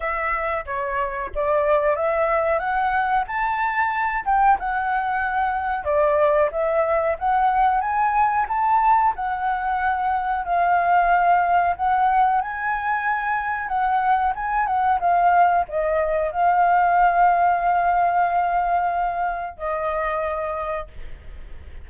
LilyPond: \new Staff \with { instrumentName = "flute" } { \time 4/4 \tempo 4 = 92 e''4 cis''4 d''4 e''4 | fis''4 a''4. g''8 fis''4~ | fis''4 d''4 e''4 fis''4 | gis''4 a''4 fis''2 |
f''2 fis''4 gis''4~ | gis''4 fis''4 gis''8 fis''8 f''4 | dis''4 f''2.~ | f''2 dis''2 | }